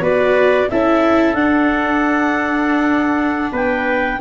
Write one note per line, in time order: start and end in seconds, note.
0.00 0.67 B3
0.00 0.68 F#4
0.00 0.69 B4
0.00 0.69 D5
0.69 1.34 C#4
0.69 1.36 E4
0.69 3.52 A4
0.69 1.34 E5
1.34 3.51 D4
1.34 4.19 D4
1.34 3.51 F#5
3.52 4.19 B3
3.52 4.19 B4
3.52 4.21 G5